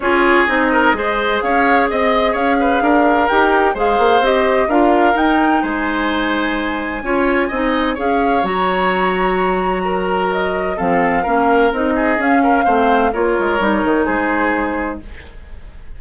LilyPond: <<
  \new Staff \with { instrumentName = "flute" } { \time 4/4 \tempo 4 = 128 cis''4 dis''2 f''4 | dis''4 f''2 g''4 | f''4 dis''4 f''4 g''4 | gis''1~ |
gis''4 f''4 ais''2~ | ais''2 dis''4 f''4~ | f''4 dis''4 f''2 | cis''2 c''2 | }
  \new Staff \with { instrumentName = "oboe" } { \time 4/4 gis'4. ais'8 c''4 cis''4 | dis''4 cis''8 b'8 ais'2 | c''2 ais'2 | c''2. cis''4 |
dis''4 cis''2.~ | cis''4 ais'2 a'4 | ais'4. gis'4 ais'8 c''4 | ais'2 gis'2 | }
  \new Staff \with { instrumentName = "clarinet" } { \time 4/4 f'4 dis'4 gis'2~ | gis'2. g'4 | gis'4 g'4 f'4 dis'4~ | dis'2. f'4 |
dis'4 gis'4 fis'2~ | fis'2. c'4 | cis'4 dis'4 cis'4 c'4 | f'4 dis'2. | }
  \new Staff \with { instrumentName = "bassoon" } { \time 4/4 cis'4 c'4 gis4 cis'4 | c'4 cis'4 d'4 dis'4 | gis8 ais8 c'4 d'4 dis'4 | gis2. cis'4 |
c'4 cis'4 fis2~ | fis2. f4 | ais4 c'4 cis'4 a4 | ais8 gis8 g8 dis8 gis2 | }
>>